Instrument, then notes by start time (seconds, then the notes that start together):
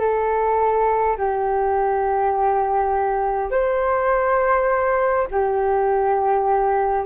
flute
0.00 A4
1.18 G4
3.51 C5
5.31 G4